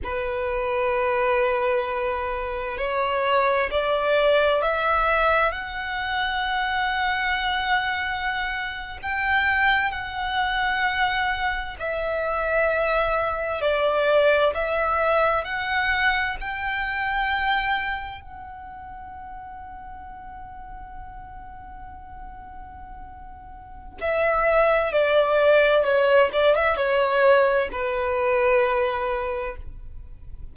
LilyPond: \new Staff \with { instrumentName = "violin" } { \time 4/4 \tempo 4 = 65 b'2. cis''4 | d''4 e''4 fis''2~ | fis''4.~ fis''16 g''4 fis''4~ fis''16~ | fis''8. e''2 d''4 e''16~ |
e''8. fis''4 g''2 fis''16~ | fis''1~ | fis''2 e''4 d''4 | cis''8 d''16 e''16 cis''4 b'2 | }